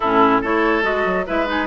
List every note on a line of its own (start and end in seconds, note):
0.00 0.43 A2
0.00 0.43 C#4
0.00 0.41 E4
0.00 0.40 A4
0.41 0.83 A3
0.41 0.82 E4
0.41 1.25 A4
0.41 0.83 C#5
0.82 1.04 G#3
0.82 1.25 F#4
0.82 1.26 D#5
1.05 1.26 F#3
1.26 1.66 G#3
1.26 1.46 E4
1.26 1.66 B4
1.26 1.48 E5
1.46 1.66 D#4
1.46 1.66 G#5